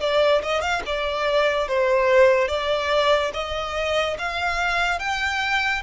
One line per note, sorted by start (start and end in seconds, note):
0.00 0.42 D5
0.42 0.61 D#5
0.61 0.82 F5
0.86 1.68 D5
1.68 2.48 C5
2.48 3.31 D5
3.33 4.17 D#5
4.18 4.99 F5
4.99 5.82 G5